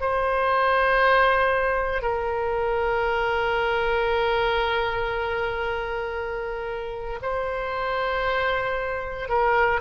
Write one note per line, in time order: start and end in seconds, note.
0.00 2.02 C5
2.02 7.19 A#4
7.21 9.28 C5
9.28 9.80 A#4